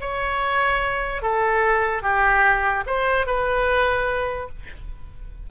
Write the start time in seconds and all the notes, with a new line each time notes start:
0.00 C#5
1.22 A4
2.02 G4
2.86 C5
3.26 B4